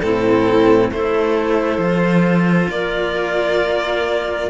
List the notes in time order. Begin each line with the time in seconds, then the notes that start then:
0.00 A2 C4 E4 A4
0.91 A3 E4 A4 C5
1.77 F3 F4
2.69 A#3 A#4 D5